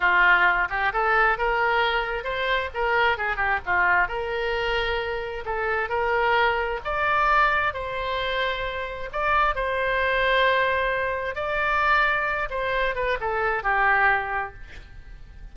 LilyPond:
\new Staff \with { instrumentName = "oboe" } { \time 4/4 \tempo 4 = 132 f'4. g'8 a'4 ais'4~ | ais'4 c''4 ais'4 gis'8 g'8 | f'4 ais'2. | a'4 ais'2 d''4~ |
d''4 c''2. | d''4 c''2.~ | c''4 d''2~ d''8 c''8~ | c''8 b'8 a'4 g'2 | }